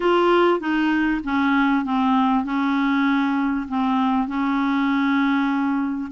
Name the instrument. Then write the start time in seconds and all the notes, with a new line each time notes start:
clarinet
0.00 F4
0.60 D#4
1.24 C#4
1.84 C4
2.44 C#4
3.68 C4
4.27 C#4